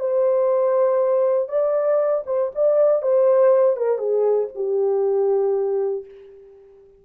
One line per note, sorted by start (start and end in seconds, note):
0.00 1.49 C5
1.49 2.24 D5
2.26 2.51 C5
2.55 3.02 D5
3.02 3.77 C5
3.77 3.98 A#4
3.98 4.48 G#4
4.55 6.05 G4